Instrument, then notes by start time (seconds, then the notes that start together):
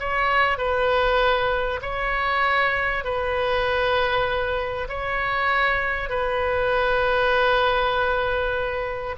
oboe
0.00 C#5
0.58 B4
1.82 C#5
3.04 B4
4.89 C#5
6.10 B4